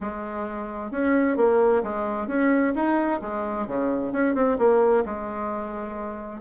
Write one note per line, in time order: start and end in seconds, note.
0.00 0.91 G#3
0.91 1.37 C#4
1.37 1.82 A#3
1.83 2.27 G#3
2.27 2.73 C#4
2.75 3.21 D#4
3.21 3.67 G#3
3.67 4.12 C#3
4.12 4.34 C#4
4.34 4.57 C4
4.58 5.04 A#3
5.05 6.41 G#3